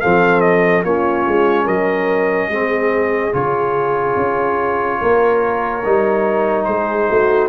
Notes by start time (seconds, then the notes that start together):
0.00 F3 C4 A4 F5
0.41 D#5
0.83 A#3 C#4 F4 C#5
1.27 G#3
1.64 F#3 A#4 D#5
2.49 G#3 C4 G#4
3.32 C#3 F4 C#5
4.16 C#4
5.00 A#3 A#4
5.84 G3 D#4
6.64 G#3 G#4 C5
7.08 A3 F#4